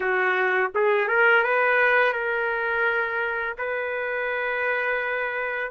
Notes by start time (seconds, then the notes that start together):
0.00 F#4
0.74 G#4
1.07 A#4
1.43 B4
2.12 A#4
3.58 B4